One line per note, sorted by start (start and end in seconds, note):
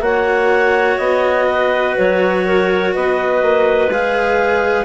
0.00 0.97 A#3
0.00 3.88 F#4
0.00 1.49 C#5
0.00 0.98 F#5
0.98 1.95 B3
0.98 1.95 D#5
1.49 2.46 B4
1.97 2.95 F#3
1.97 2.94 C#5
2.46 2.94 A#4
2.94 3.42 B3
2.94 4.84 B4
2.94 3.91 D#5
3.42 3.89 A#3
3.89 4.84 G#3
3.89 4.84 G#4
3.89 4.84 F5